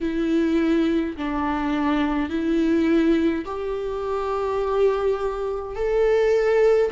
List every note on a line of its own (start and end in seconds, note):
0.01 1.16 E4
1.16 2.29 D4
2.29 3.45 E4
3.45 5.75 G4
5.75 6.91 A4